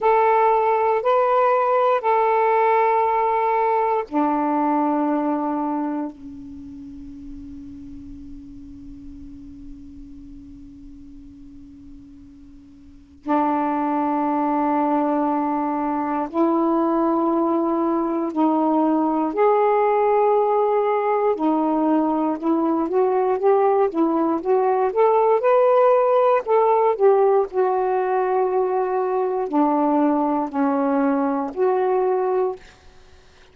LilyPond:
\new Staff \with { instrumentName = "saxophone" } { \time 4/4 \tempo 4 = 59 a'4 b'4 a'2 | d'2 cis'2~ | cis'1~ | cis'4 d'2. |
e'2 dis'4 gis'4~ | gis'4 dis'4 e'8 fis'8 g'8 e'8 | fis'8 a'8 b'4 a'8 g'8 fis'4~ | fis'4 d'4 cis'4 fis'4 | }